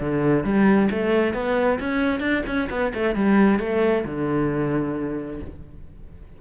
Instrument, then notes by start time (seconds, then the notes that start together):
cello
0.00 D3
0.44 G3
0.91 A3
1.34 B3
1.80 C#4
2.20 D4
2.46 C#4
2.70 B3
2.94 A3
3.16 G3
3.59 A3
4.05 D3